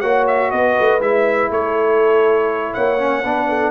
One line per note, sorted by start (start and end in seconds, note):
0.00 0.52 A#3
0.00 1.00 F#4
0.00 0.50 C#5
0.00 0.25 F#5
0.27 0.51 E5
0.51 0.76 B3
0.51 1.51 B4
0.51 1.00 D#5
0.79 0.99 A3
0.99 1.49 G#3
0.99 2.98 E4
0.99 1.51 E5
1.50 2.74 A3
1.50 2.74 A4
1.50 2.73 C#5
2.73 3.24 A#3
2.73 3.23 C#5
2.73 3.71 F#5
2.98 3.23 C#4
3.23 3.71 B3
3.23 3.71 D4
3.23 3.48 B4
3.48 3.71 A4